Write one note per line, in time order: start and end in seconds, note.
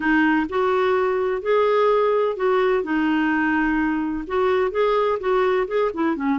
0.00 0.46 D#4
0.49 1.42 F#4
1.42 2.36 G#4
2.36 2.83 F#4
2.83 4.25 D#4
4.27 4.71 F#4
4.71 5.18 G#4
5.19 5.67 F#4
5.67 5.91 G#4
5.94 6.15 E4
6.15 6.38 C#4